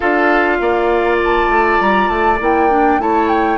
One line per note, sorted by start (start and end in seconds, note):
0.00 0.60 D4
0.00 2.38 F4
0.00 0.57 A4
0.00 1.18 F5
0.60 1.48 A#3
0.60 3.01 D5
1.24 1.81 A5
1.48 1.78 A3
1.80 2.08 G3
1.80 2.08 A#5
2.08 2.39 A3
2.08 2.38 A5
2.39 2.98 A#3
2.39 2.69 E4
2.39 3.01 G5
2.69 2.99 D4
2.98 3.58 A3
2.98 3.58 E4
2.98 3.58 C#5
2.98 3.28 A5
3.28 3.58 G5